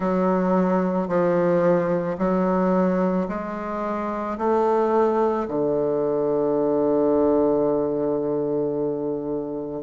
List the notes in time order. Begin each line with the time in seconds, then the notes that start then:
0.00 F#3
1.08 F3
2.18 F#3
3.28 G#3
4.38 A3
5.47 D3